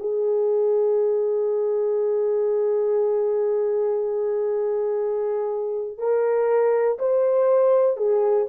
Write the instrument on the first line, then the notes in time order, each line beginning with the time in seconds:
horn
0.00 G#4
5.98 A#4
6.99 C5
7.97 G#4